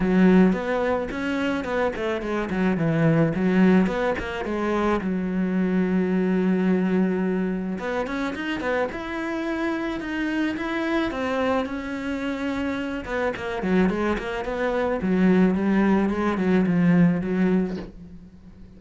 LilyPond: \new Staff \with { instrumentName = "cello" } { \time 4/4 \tempo 4 = 108 fis4 b4 cis'4 b8 a8 | gis8 fis8 e4 fis4 b8 ais8 | gis4 fis2.~ | fis2 b8 cis'8 dis'8 b8 |
e'2 dis'4 e'4 | c'4 cis'2~ cis'8 b8 | ais8 fis8 gis8 ais8 b4 fis4 | g4 gis8 fis8 f4 fis4 | }